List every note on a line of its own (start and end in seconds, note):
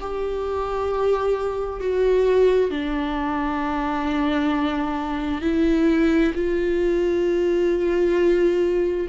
0.00 1.80 G4
1.80 2.70 F#4
2.70 5.41 D4
5.41 6.32 E4
6.34 9.07 F4